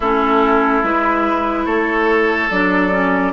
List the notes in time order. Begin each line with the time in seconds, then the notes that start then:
0.00 A3 C#4 E4 A4
0.83 G#3 E4 B4
1.65 A3 A4 C#5
2.50 F#3 D4 D5
2.91 C#4